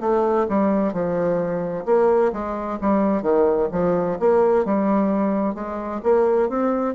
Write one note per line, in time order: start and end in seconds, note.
0.00 0.46 A3
0.49 0.93 G3
0.93 1.85 F3
1.85 2.32 A#3
2.32 2.79 G#3
2.81 3.22 G3
3.22 3.68 D#3
3.72 4.18 F3
4.19 4.65 A#3
4.65 5.55 G3
5.55 6.01 G#3
6.03 6.49 A#3
6.49 6.94 C4